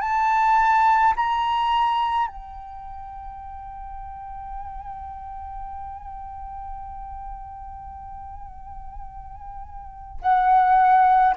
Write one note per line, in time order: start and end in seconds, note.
0.00 1.13 A5
1.16 2.27 A#5
2.27 10.19 G5
10.21 11.35 F#5